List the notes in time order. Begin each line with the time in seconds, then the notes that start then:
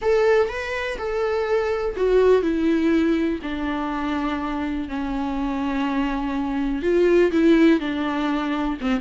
0.01 A4
0.49 B4
0.98 A4
1.96 F#4
2.41 E4
3.42 D4
4.88 C#4
6.82 F4
7.31 E4
7.80 D4
8.80 C4